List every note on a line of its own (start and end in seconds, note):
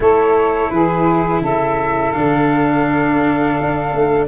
0.00 0.71 A3
0.00 2.14 E4
0.00 0.72 A4
0.00 0.70 C#5
0.70 1.40 E3
0.70 1.41 G#4
0.70 1.41 B4
1.40 2.12 C#3
1.40 4.27 A4
1.40 2.12 E5
2.12 3.59 D3
2.12 4.27 D4
2.12 4.26 F5
3.60 3.92 D4
3.92 4.27 A3